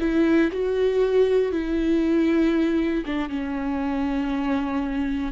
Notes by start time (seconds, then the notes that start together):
0.00 E4
0.52 F#4
1.52 E4
3.06 D4
3.29 C#4